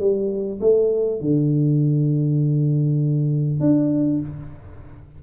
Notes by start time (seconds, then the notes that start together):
0.00 G3
0.61 A3
1.21 D3
3.61 D4